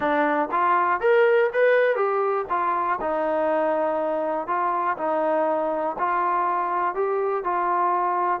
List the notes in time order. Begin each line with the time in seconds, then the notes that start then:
0.00 D4
0.51 F4
1.00 A#4
1.53 B4
1.96 G4
2.49 F4
3.00 D#4
4.47 F4
4.97 D#4
5.98 F4
6.94 G4
7.44 F4